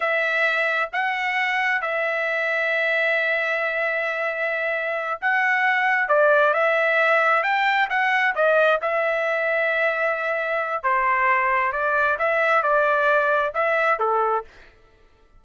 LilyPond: \new Staff \with { instrumentName = "trumpet" } { \time 4/4 \tempo 4 = 133 e''2 fis''2 | e''1~ | e''2.~ e''8 fis''8~ | fis''4. d''4 e''4.~ |
e''8 g''4 fis''4 dis''4 e''8~ | e''1 | c''2 d''4 e''4 | d''2 e''4 a'4 | }